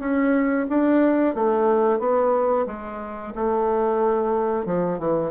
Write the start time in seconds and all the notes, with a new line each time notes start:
0.00 C#4
0.70 D4
1.35 A3
1.99 B3
2.67 G#3
3.35 A3
4.66 F3
4.99 E3